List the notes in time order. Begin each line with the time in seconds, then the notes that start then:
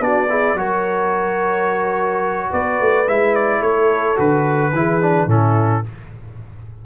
0.00 B3 D4 F#4 D5
0.30 E4 G#4
0.54 F#3 F#4 A#4 C#5
2.50 B3 B4 D5
2.80 A3
3.08 G#3 E4 E5
3.35 D5
3.60 A3 A4 C#5
4.16 D3 F#4 B4
4.72 E3 E4 G#4
5.01 D4
5.27 A2 C#4 E4 A4